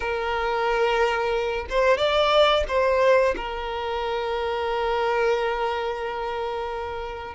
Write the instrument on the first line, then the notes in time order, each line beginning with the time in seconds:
violin
0.00 A#4
1.69 C5
1.97 D5
2.68 C5
3.36 A#4